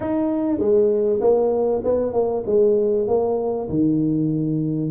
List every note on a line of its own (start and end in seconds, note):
0.00 0.58 D#4
0.58 1.20 G#3
1.21 1.82 A#3
1.84 2.12 B3
2.12 2.43 A#3
2.46 3.07 G#3
3.07 3.68 A#3
3.69 4.91 D#3